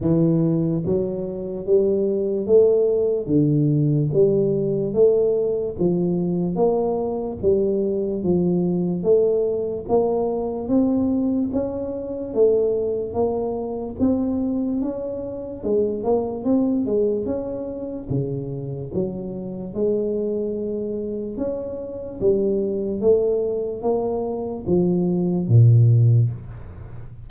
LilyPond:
\new Staff \with { instrumentName = "tuba" } { \time 4/4 \tempo 4 = 73 e4 fis4 g4 a4 | d4 g4 a4 f4 | ais4 g4 f4 a4 | ais4 c'4 cis'4 a4 |
ais4 c'4 cis'4 gis8 ais8 | c'8 gis8 cis'4 cis4 fis4 | gis2 cis'4 g4 | a4 ais4 f4 ais,4 | }